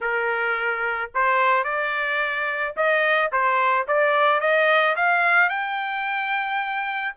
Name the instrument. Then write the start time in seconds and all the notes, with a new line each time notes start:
trumpet
0.00 A#4
1.14 C5
1.64 D5
2.76 D#5
3.32 C5
3.87 D5
4.40 D#5
4.95 F5
5.49 G5